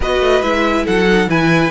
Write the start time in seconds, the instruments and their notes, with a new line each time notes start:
0.00 cello B3, viola F#4, violin B4 D#5
0.20 cello A3
0.42 cello G#3, viola E4, violin E5
0.85 cello F#3, violin A4 F#5
1.08 viola D#4
1.27 cello E3, viola E4, violin B4 G#5